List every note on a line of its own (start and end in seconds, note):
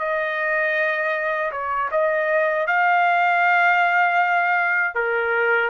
0.00 1.52 D#5
1.52 1.90 C#5
1.92 2.68 D#5
2.68 4.95 F5
4.95 5.71 A#4